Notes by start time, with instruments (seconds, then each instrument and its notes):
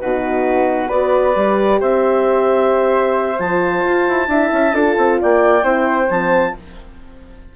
0.00 bassoon B2, horn D#4, flute F#4, clarinet B4
0.89 bassoon B3, horn F#4, flute B4, clarinet D5
1.35 bassoon G3, horn G4
1.81 bassoon C4, flute C5, clarinet E5
3.39 bassoon F3, horn F4, clarinet A5
3.86 bassoon F4
4.09 bassoon E4
4.28 bassoon D4, horn E4, flute E5
4.53 bassoon C#4
4.74 bassoon D4, horn F4, flute A4
4.98 bassoon C4
5.21 bassoon A#3, flute D5, clarinet G5
5.63 bassoon C4, horn E4, flute C5
6.10 bassoon F3, horn C4, clarinet A5